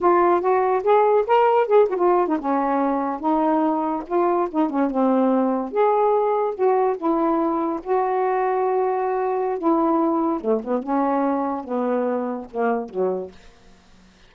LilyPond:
\new Staff \with { instrumentName = "saxophone" } { \time 4/4 \tempo 4 = 144 f'4 fis'4 gis'4 ais'4 | gis'8 fis'16 f'8. dis'16 cis'2 dis'16~ | dis'4.~ dis'16 f'4 dis'8 cis'8 c'16~ | c'4.~ c'16 gis'2 fis'16~ |
fis'8. e'2 fis'4~ fis'16~ | fis'2. e'4~ | e'4 a8 b8 cis'2 | b2 ais4 fis4 | }